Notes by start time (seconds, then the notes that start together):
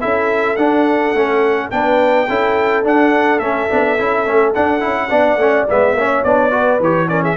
0.00 C#4 E4 A4 E5
0.56 D4 F#5
1.13 A3 C#4
1.70 B3 D4 B4 G5
2.29 C#4 E4 A4
2.84 D4 F#5
3.39 A3 C#4 E5
3.69 B3 D4
3.98 C#4 E4
4.26 A3 C#4
4.54 D4 F#5
4.80 C#4 E4
5.09 B3 D4 D5
5.36 A3 C#4
5.69 G#3 B3 E5
5.94 A#3 C#4 C#5
6.24 B3 D4 D5
6.50 F#4 B4
6.80 E3 G4 C#5
7.08 C#4 A#4 D5
7.23 G#4 E5